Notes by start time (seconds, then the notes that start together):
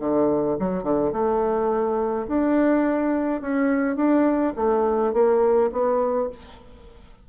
0.00 D3
0.59 F#3
0.83 D3
1.13 A3
2.28 D4
3.42 C#4
3.96 D4
4.56 A3
5.14 A#3
5.72 B3